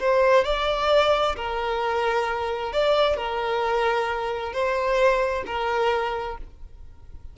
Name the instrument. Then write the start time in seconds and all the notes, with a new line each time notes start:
violin
0.00 C5
0.45 D5
1.36 A#4
2.73 D5
3.17 A#4
4.53 C5
5.46 A#4